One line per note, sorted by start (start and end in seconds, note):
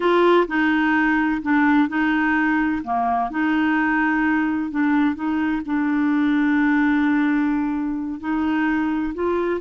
0.00 0.46 F4
0.47 1.41 D#4
1.42 1.88 D4
1.88 2.82 D#4
2.83 3.30 A#3
3.30 4.70 D#4
4.70 5.15 D4
5.15 5.61 D#4
5.65 8.20 D4
8.20 9.13 D#4
9.14 9.60 F4